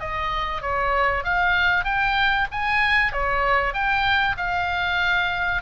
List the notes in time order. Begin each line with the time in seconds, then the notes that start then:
0.00 D#5
0.62 C#5
1.24 F5
1.85 G5
2.51 G#5
3.12 C#5
3.74 G5
4.37 F5